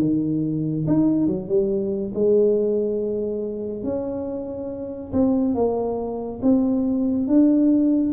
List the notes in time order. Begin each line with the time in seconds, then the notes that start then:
0.00 D#3
0.87 D#4
1.27 F#3
1.48 G3
2.14 G#3
3.83 C#4
5.13 C4
5.55 A#3
6.42 C4
7.27 D4